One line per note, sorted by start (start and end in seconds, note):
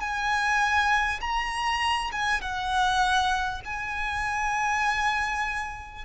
0.00 1.20 G#5
1.21 2.11 A#5
2.12 2.41 G#5
2.41 3.61 F#5
3.64 6.04 G#5